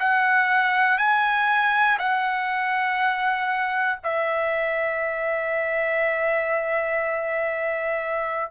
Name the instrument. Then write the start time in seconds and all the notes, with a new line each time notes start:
trumpet
0.00 F#5
0.98 G#5
1.99 F#5
4.04 E5